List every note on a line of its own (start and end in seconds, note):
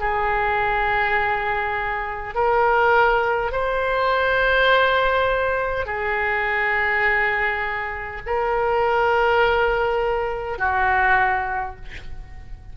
0.00 2.35 G#4
2.35 3.52 A#4
3.52 5.86 C5
5.86 8.21 G#4
8.26 10.59 A#4
10.59 11.76 F#4